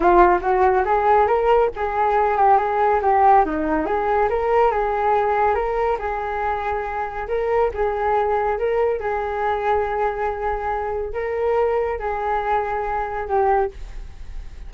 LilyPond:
\new Staff \with { instrumentName = "flute" } { \time 4/4 \tempo 4 = 140 f'4 fis'4 gis'4 ais'4 | gis'4. g'8 gis'4 g'4 | dis'4 gis'4 ais'4 gis'4~ | gis'4 ais'4 gis'2~ |
gis'4 ais'4 gis'2 | ais'4 gis'2.~ | gis'2 ais'2 | gis'2. g'4 | }